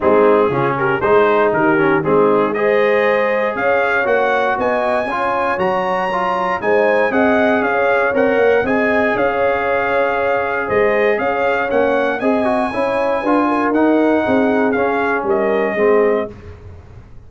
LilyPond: <<
  \new Staff \with { instrumentName = "trumpet" } { \time 4/4 \tempo 4 = 118 gis'4. ais'8 c''4 ais'4 | gis'4 dis''2 f''4 | fis''4 gis''2 ais''4~ | ais''4 gis''4 fis''4 f''4 |
fis''4 gis''4 f''2~ | f''4 dis''4 f''4 fis''4 | gis''2. fis''4~ | fis''4 f''4 dis''2 | }
  \new Staff \with { instrumentName = "horn" } { \time 4/4 dis'4 f'8 g'8 gis'4 g'4 | dis'4 c''2 cis''4~ | cis''4 dis''4 cis''2~ | cis''4 c''4 dis''4 cis''4~ |
cis''4 dis''4 cis''2~ | cis''4 c''4 cis''2 | dis''4 cis''4 b'8 ais'4. | gis'2 ais'4 gis'4 | }
  \new Staff \with { instrumentName = "trombone" } { \time 4/4 c'4 cis'4 dis'4. cis'8 | c'4 gis'2. | fis'2 f'4 fis'4 | f'4 dis'4 gis'2 |
ais'4 gis'2.~ | gis'2. cis'4 | gis'8 fis'8 e'4 f'4 dis'4~ | dis'4 cis'2 c'4 | }
  \new Staff \with { instrumentName = "tuba" } { \time 4/4 gis4 cis4 gis4 dis4 | gis2. cis'4 | ais4 b4 cis'4 fis4~ | fis4 gis4 c'4 cis'4 |
c'8 ais8 c'4 cis'2~ | cis'4 gis4 cis'4 ais4 | c'4 cis'4 d'4 dis'4 | c'4 cis'4 g4 gis4 | }
>>